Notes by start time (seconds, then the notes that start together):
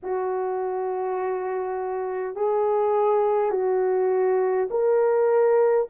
0.02 F#4
2.35 G#4
3.50 F#4
4.70 A#4